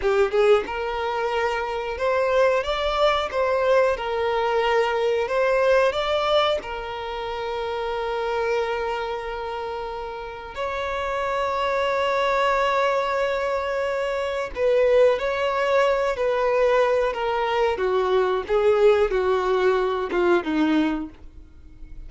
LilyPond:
\new Staff \with { instrumentName = "violin" } { \time 4/4 \tempo 4 = 91 g'8 gis'8 ais'2 c''4 | d''4 c''4 ais'2 | c''4 d''4 ais'2~ | ais'1 |
cis''1~ | cis''2 b'4 cis''4~ | cis''8 b'4. ais'4 fis'4 | gis'4 fis'4. f'8 dis'4 | }